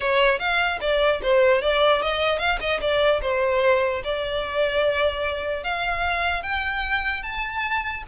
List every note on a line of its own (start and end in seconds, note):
0.00 0.39 C#5
0.39 0.79 F5
0.80 1.20 D5
1.22 1.61 C5
1.61 2.02 D5
2.02 2.38 D#5
2.38 2.59 F5
2.60 2.80 D#5
2.80 3.20 D5
3.21 4.02 C5
4.04 5.63 D5
5.63 6.42 F5
6.42 7.22 G5
7.22 8.03 A5